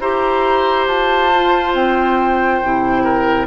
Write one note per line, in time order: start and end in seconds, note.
0.00 0.87 E4
0.00 1.32 G4
0.00 3.04 C5
0.00 0.87 A#5
0.87 1.74 F4
0.87 1.74 A5
1.34 2.63 F4
1.74 2.61 C4
1.74 3.47 G5
2.63 3.47 C3
2.63 3.47 E4
3.04 3.47 A#4